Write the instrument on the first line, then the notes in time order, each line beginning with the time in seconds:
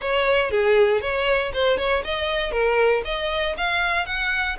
violin
0.01 C#5
0.50 G#4
1.01 C#5
1.53 C5
1.77 C#5
2.04 D#5
2.51 A#4
3.04 D#5
3.57 F5
4.05 F#5